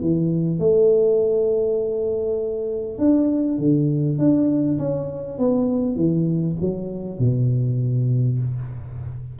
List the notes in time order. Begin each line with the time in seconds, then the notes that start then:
0.00 E3
0.59 A3
2.98 D4
3.58 D3
4.18 D4
4.78 C#4
5.38 B3
5.95 E3
6.60 F#3
7.19 B2